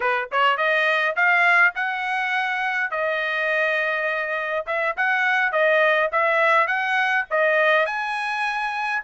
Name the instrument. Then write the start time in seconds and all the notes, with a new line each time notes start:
trumpet
0.00 B4
0.31 C#5
0.57 D#5
1.15 F5
1.75 F#5
2.90 D#5
4.66 E5
4.96 F#5
5.52 D#5
6.12 E5
6.67 F#5
7.30 D#5
7.86 G#5